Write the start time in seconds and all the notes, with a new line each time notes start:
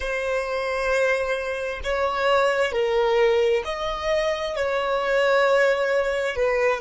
0.00 C5
1.83 C#5
2.71 A#4
3.64 D#5
4.56 C#5
6.35 B4